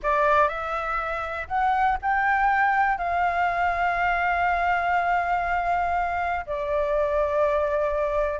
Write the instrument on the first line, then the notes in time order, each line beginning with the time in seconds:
flute
0.02 D5
0.48 E5
1.48 F#5
2.02 G5
2.98 F5
6.46 D5